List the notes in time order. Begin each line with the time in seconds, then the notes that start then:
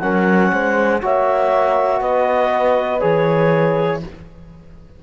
0.00 F#3 C#4 A#4 F#5
0.53 G#3 C5
1.02 A#3 F#4 C#5 E5
2.01 B3 B4 D#5
3.00 E3 G#4 C#5